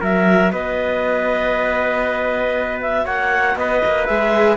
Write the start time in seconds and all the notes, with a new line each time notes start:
0.00 F#3 F#4 A#4 E5
0.51 B3 B4 D#5
2.81 E5
3.04 A#3 C#5 F#5
3.55 B3 B4 D#5
3.85 A#3
4.05 G#3 G#4 E5